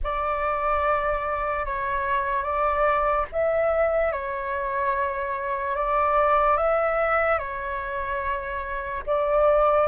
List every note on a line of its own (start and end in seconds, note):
0.03 1.65 D5
1.65 2.43 C#5
2.43 3.25 D5
3.31 4.11 E5
4.11 5.75 C#5
5.75 6.57 D5
6.57 7.38 E5
7.38 9.02 C#5
9.06 9.87 D5